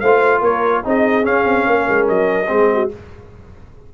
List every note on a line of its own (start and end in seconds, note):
0.00 0.42 A3
0.00 0.84 F4
0.00 0.40 C5
0.00 0.41 F5
0.40 0.83 A#3
0.40 0.82 A#4
0.40 0.85 C#5
0.84 1.26 C4
0.84 1.23 D#4
0.84 1.69 G#4
0.84 1.25 D#5
1.23 2.46 C#4
1.23 1.45 C#4
1.23 2.08 F5
1.45 1.66 C4
1.67 1.87 A#3
1.67 2.51 A#4
1.89 2.09 G#3
2.08 2.49 F#3
2.08 2.91 D#5
2.48 2.91 G#3
2.48 2.89 C4
2.48 2.71 G#4
2.74 2.94 F#4